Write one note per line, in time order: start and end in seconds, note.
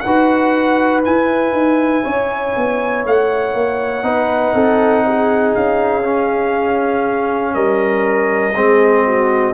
0.00 1.05 D#4
0.00 2.04 B4
0.00 1.00 F#5
0.06 1.03 F#4
1.03 4.03 E4
1.03 1.51 E4
1.03 3.05 G#5
1.51 2.01 D#4
2.04 2.55 C#4
2.04 4.04 C#5
2.56 3.05 B3
3.05 3.54 A3
3.05 5.55 F#5
3.54 4.03 A#3
4.03 4.53 B3
4.03 6.03 D#4
4.03 4.54 B4
4.54 5.54 C4
4.54 5.04 A4
5.07 7.54 G#4
5.55 7.55 C#4
5.55 7.54 F5
6.03 8.53 C#4
7.54 8.54 G3
7.54 8.54 A#4
7.54 9.53 D#5
8.54 9.53 G#3
8.54 9.53 C4
8.54 9.05 G#4
9.06 9.53 F#4